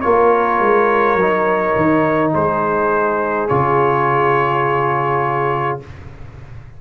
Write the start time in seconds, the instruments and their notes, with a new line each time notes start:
0.00 tuba A#3, trombone F4, horn A#4, trumpet C#5
0.59 tuba G#3
1.15 tuba F#3, trombone D#4
1.75 tuba D#3
2.34 tuba G#3, horn G#4, trumpet C5
3.48 tuba C#3, trombone F4, trumpet C#5